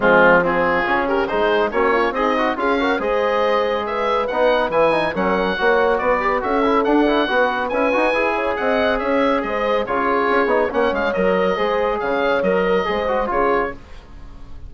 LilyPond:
<<
  \new Staff \with { instrumentName = "oboe" } { \time 4/4 \tempo 4 = 140 f'4 gis'4. ais'8 c''4 | cis''4 dis''4 f''4 dis''4~ | dis''4 e''4 fis''4 gis''4 | fis''2 d''4 e''4 |
fis''2 gis''2 | fis''4 e''4 dis''4 cis''4~ | cis''4 fis''8 f''8 dis''2 | f''4 dis''2 cis''4 | }
  \new Staff \with { instrumentName = "horn" } { \time 4/4 c'4 f'4. g'8 gis'4 | fis'8 f'8 dis'4 gis'8 ais'8 c''4~ | c''4 b'2. | ais'4 cis''4 b'4 a'4~ |
a'4 b'2~ b'8 cis''8 | dis''4 cis''4 c''4 gis'4~ | gis'4 cis''2 c''4 | cis''4. ais'8 c''4 gis'4 | }
  \new Staff \with { instrumentName = "trombone" } { \time 4/4 gis4 c'4 cis'4 dis'4 | cis'4 gis'8 fis'8 f'8 fis'8 gis'4~ | gis'2 dis'4 e'8 dis'8 | cis'4 fis'4. g'8 fis'8 e'8 |
d'8 e'8 fis'4 e'8 fis'8 gis'4~ | gis'2. f'4~ | f'8 dis'8 cis'4 ais'4 gis'4~ | gis'4 ais'4 gis'8 fis'8 f'4 | }
  \new Staff \with { instrumentName = "bassoon" } { \time 4/4 f2 cis4 gis4 | ais4 c'4 cis'4 gis4~ | gis2 b4 e4 | fis4 ais4 b4 cis'4 |
d'4 b4 cis'8 dis'8 e'4 | c'4 cis'4 gis4 cis4 | cis'8 b8 ais8 gis8 fis4 gis4 | cis4 fis4 gis4 cis4 | }
>>